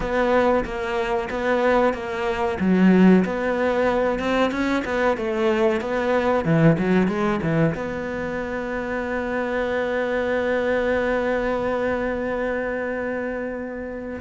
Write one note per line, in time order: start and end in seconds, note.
0.00 0.64 B3
0.65 1.29 A#3
1.30 1.93 B3
1.93 2.57 A#3
2.60 3.24 F#3
3.24 4.19 B3
4.19 4.51 C4
4.51 4.83 C#4
4.84 5.17 B3
5.17 5.81 A3
5.81 6.44 B3
6.44 6.77 E3
6.78 7.07 F#3
7.07 7.40 G#3
7.42 7.74 E3
7.74 14.19 B3